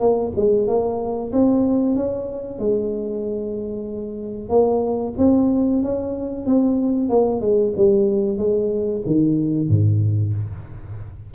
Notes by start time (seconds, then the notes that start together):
0.00 A#3
0.36 G#3
0.67 A#3
1.33 C4
1.96 C#4
2.59 G#3
4.49 A#3
5.18 C4
5.83 C#4
6.46 C4
7.09 A#3
7.41 G#3
7.77 G3
8.38 G#3
9.06 D#3
9.69 G#2